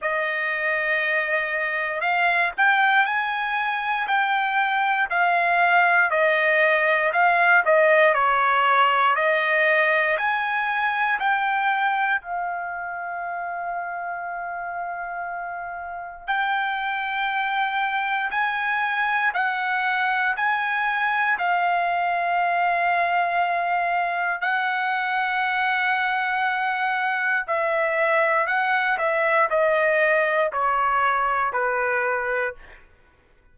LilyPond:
\new Staff \with { instrumentName = "trumpet" } { \time 4/4 \tempo 4 = 59 dis''2 f''8 g''8 gis''4 | g''4 f''4 dis''4 f''8 dis''8 | cis''4 dis''4 gis''4 g''4 | f''1 |
g''2 gis''4 fis''4 | gis''4 f''2. | fis''2. e''4 | fis''8 e''8 dis''4 cis''4 b'4 | }